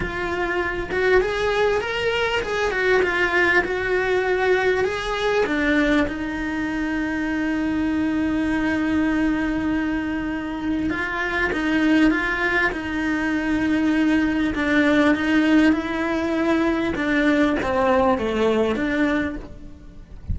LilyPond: \new Staff \with { instrumentName = "cello" } { \time 4/4 \tempo 4 = 99 f'4. fis'8 gis'4 ais'4 | gis'8 fis'8 f'4 fis'2 | gis'4 d'4 dis'2~ | dis'1~ |
dis'2 f'4 dis'4 | f'4 dis'2. | d'4 dis'4 e'2 | d'4 c'4 a4 d'4 | }